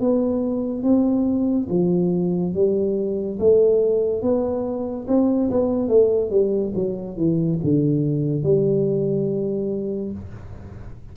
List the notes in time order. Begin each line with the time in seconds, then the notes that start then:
0.00 B3
0.83 C4
1.69 F3
2.54 G3
3.39 A3
4.22 B3
5.07 C4
5.50 B3
5.88 A3
6.30 G3
6.75 F#3
7.16 E3
7.64 D3
8.43 G3